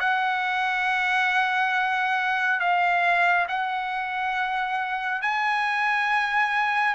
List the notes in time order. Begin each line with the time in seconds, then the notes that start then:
0.00 F#5
2.60 F5
3.48 F#5
5.22 G#5